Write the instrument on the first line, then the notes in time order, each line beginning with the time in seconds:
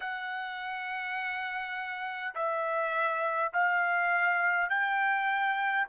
trumpet
0.00 F#5
2.34 E5
3.53 F5
4.69 G5